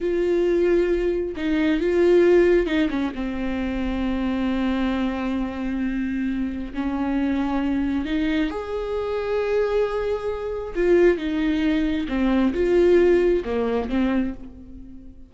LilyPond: \new Staff \with { instrumentName = "viola" } { \time 4/4 \tempo 4 = 134 f'2. dis'4 | f'2 dis'8 cis'8 c'4~ | c'1~ | c'2. cis'4~ |
cis'2 dis'4 gis'4~ | gis'1 | f'4 dis'2 c'4 | f'2 ais4 c'4 | }